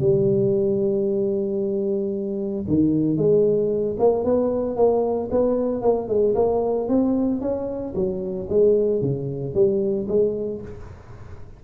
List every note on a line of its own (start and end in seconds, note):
0.00 2.65 G3
2.68 3.17 D#3
3.17 3.97 G#3
3.99 4.24 A#3
4.24 4.76 B3
4.76 5.30 A#3
5.31 5.82 B3
5.82 6.08 A#3
6.08 6.35 G#3
6.35 6.89 A#3
6.89 7.41 C4
7.41 7.95 C#4
7.95 8.48 F#3
8.50 9.01 G#3
9.01 9.54 C#3
9.54 10.07 G3
10.08 10.61 G#3